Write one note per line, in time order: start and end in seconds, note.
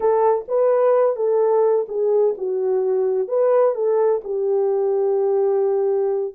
0.00 0.45 A4
0.48 1.15 B4
1.15 1.86 A4
1.88 2.35 G#4
2.37 3.27 F#4
3.27 3.74 B4
3.74 4.21 A4
4.23 6.34 G4